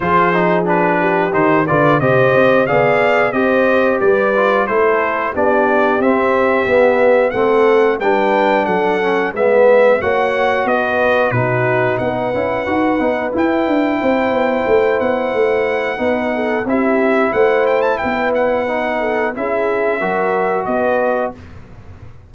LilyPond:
<<
  \new Staff \with { instrumentName = "trumpet" } { \time 4/4 \tempo 4 = 90 c''4 b'4 c''8 d''8 dis''4 | f''4 dis''4 d''4 c''4 | d''4 e''2 fis''4 | g''4 fis''4 e''4 fis''4 |
dis''4 b'4 fis''2 | g''2~ g''8 fis''4.~ | fis''4 e''4 fis''8 g''16 a''16 g''8 fis''8~ | fis''4 e''2 dis''4 | }
  \new Staff \with { instrumentName = "horn" } { \time 4/4 gis'4. g'4 b'8 c''4 | d''4 c''4 b'4 a'4 | g'2. a'4 | b'4 a'4 b'4 cis''4 |
b'4 fis'4 b'2~ | b'4 c''2. | b'8 a'8 g'4 c''4 b'4~ | b'8 a'8 gis'4 ais'4 b'4 | }
  \new Staff \with { instrumentName = "trombone" } { \time 4/4 f'8 dis'8 d'4 dis'8 f'8 g'4 | gis'4 g'4. f'8 e'4 | d'4 c'4 b4 c'4 | d'4. cis'8 b4 fis'4~ |
fis'4 dis'4. e'8 fis'8 dis'8 | e'1 | dis'4 e'2. | dis'4 e'4 fis'2 | }
  \new Staff \with { instrumentName = "tuba" } { \time 4/4 f2 dis8 d8 c8 c'8 | b4 c'4 g4 a4 | b4 c'4 b4 a4 | g4 fis4 gis4 ais4 |
b4 b,4 b8 cis'8 dis'8 b8 | e'8 d'8 c'8 b8 a8 b8 a4 | b4 c'4 a4 b4~ | b4 cis'4 fis4 b4 | }
>>